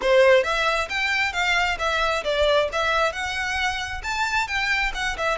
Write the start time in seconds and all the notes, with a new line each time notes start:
0.01 C5
0.43 E5
0.89 G5
1.32 F5
1.78 E5
2.24 D5
2.72 E5
3.12 F#5
4.03 A5
4.47 G5
4.94 F#5
5.17 E5